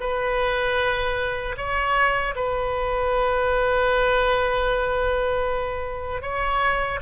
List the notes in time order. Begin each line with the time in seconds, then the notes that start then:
0.00 B4
1.57 C#5
2.35 B4
6.21 C#5